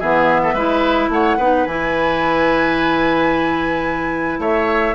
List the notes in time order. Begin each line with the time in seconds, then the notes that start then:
0.00 E3 B3 G#4 E5
0.43 A4
0.54 G#3 E4 B4
1.09 A3 C#5 F#5
1.37 B3 D#4 B4
1.66 E3 E4 G#5
4.39 A3 C#5 E5